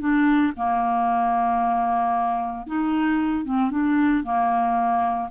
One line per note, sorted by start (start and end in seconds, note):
0.00 0.53 D4
0.56 2.67 A#3
2.67 3.45 D#4
3.45 3.71 C4
3.71 4.23 D4
4.24 5.29 A#3